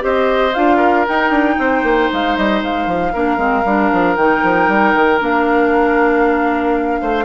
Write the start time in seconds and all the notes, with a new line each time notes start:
0.00 C4 G4 C5 D#5
0.54 D4 F4 F5
0.77 A#4
1.07 D#4 G5
1.30 D4
1.59 C4 C5
1.83 A#3
2.13 G#3 F5
2.37 G3 D#5
2.63 G#3 F5
2.86 F3
3.13 A#3 D4 A#4
3.37 G#3 C4
3.65 G3 D4
3.92 F3
4.16 D#3 D#4 G5
4.43 F3
4.68 G3
4.95 D#3
5.19 A#3 D4 F5
7.02 A3 C5